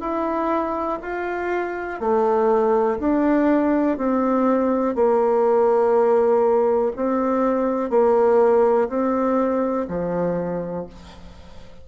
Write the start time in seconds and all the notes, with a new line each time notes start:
0.00 E4
1.01 F4
2.00 A3
2.99 D4
3.97 C4
4.95 A#3
6.96 C4
7.90 A#3
8.88 C4
9.88 F3